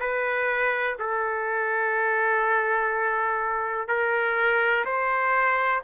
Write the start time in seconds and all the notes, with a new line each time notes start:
0.00 B4
0.99 A4
3.88 A#4
4.85 C5